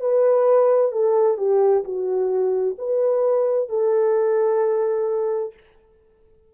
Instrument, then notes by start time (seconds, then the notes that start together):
horn
0.00 B4
0.91 A4
1.37 G4
1.84 F#4
2.78 B4
3.69 A4